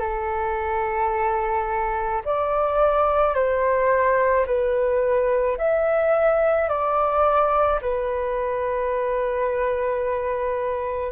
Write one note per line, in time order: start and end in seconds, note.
0.00 2.22 A4
2.25 3.34 D5
3.34 4.45 C5
4.46 5.58 B4
5.58 6.69 E5
6.69 7.80 D5
7.81 11.12 B4